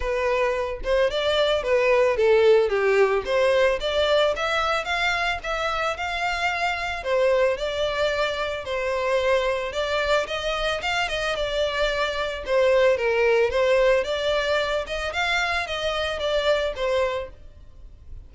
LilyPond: \new Staff \with { instrumentName = "violin" } { \time 4/4 \tempo 4 = 111 b'4. c''8 d''4 b'4 | a'4 g'4 c''4 d''4 | e''4 f''4 e''4 f''4~ | f''4 c''4 d''2 |
c''2 d''4 dis''4 | f''8 dis''8 d''2 c''4 | ais'4 c''4 d''4. dis''8 | f''4 dis''4 d''4 c''4 | }